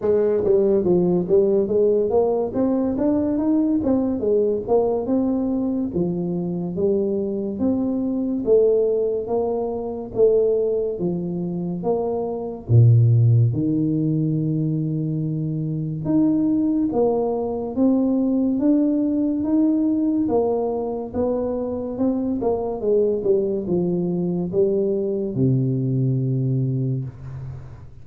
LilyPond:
\new Staff \with { instrumentName = "tuba" } { \time 4/4 \tempo 4 = 71 gis8 g8 f8 g8 gis8 ais8 c'8 d'8 | dis'8 c'8 gis8 ais8 c'4 f4 | g4 c'4 a4 ais4 | a4 f4 ais4 ais,4 |
dis2. dis'4 | ais4 c'4 d'4 dis'4 | ais4 b4 c'8 ais8 gis8 g8 | f4 g4 c2 | }